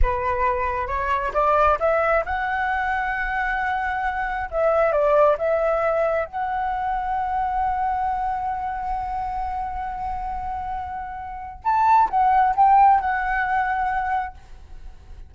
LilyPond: \new Staff \with { instrumentName = "flute" } { \time 4/4 \tempo 4 = 134 b'2 cis''4 d''4 | e''4 fis''2.~ | fis''2 e''4 d''4 | e''2 fis''2~ |
fis''1~ | fis''1~ | fis''2 a''4 fis''4 | g''4 fis''2. | }